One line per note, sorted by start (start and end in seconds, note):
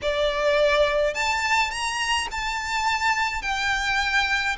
0.02 1.14 D5
1.14 1.70 A5
1.70 2.27 A#5
2.31 3.42 A5
3.42 4.56 G5